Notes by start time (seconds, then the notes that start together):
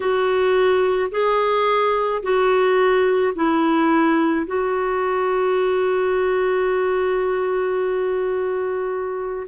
0.00 F#4
1.11 G#4
2.22 F#4
3.35 E4
4.46 F#4